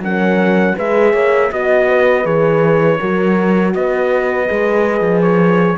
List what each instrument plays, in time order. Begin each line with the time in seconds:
0.00 cello F#3, horn C#4 A#4, trumpet F#5
0.76 cello G#3, horn G#4 B4, trumpet E5
1.13 cello A#3, horn C#5
1.52 cello B3, horn F#4 D#5, trumpet D#5
1.90 horn B4
2.24 cello E3, horn G#4, trumpet C#5
3.00 cello F#3, horn F#4 A#4
3.75 cello B3, horn B4, trumpet D#5
4.48 cello G#3, horn G#4
5.01 cello F3
5.23 trumpet C#5